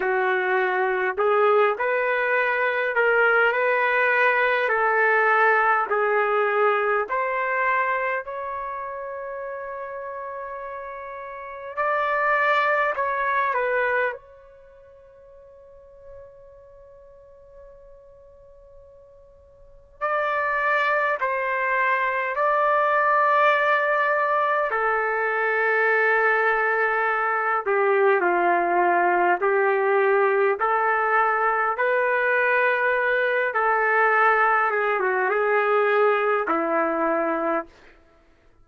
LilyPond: \new Staff \with { instrumentName = "trumpet" } { \time 4/4 \tempo 4 = 51 fis'4 gis'8 b'4 ais'8 b'4 | a'4 gis'4 c''4 cis''4~ | cis''2 d''4 cis''8 b'8 | cis''1~ |
cis''4 d''4 c''4 d''4~ | d''4 a'2~ a'8 g'8 | f'4 g'4 a'4 b'4~ | b'8 a'4 gis'16 fis'16 gis'4 e'4 | }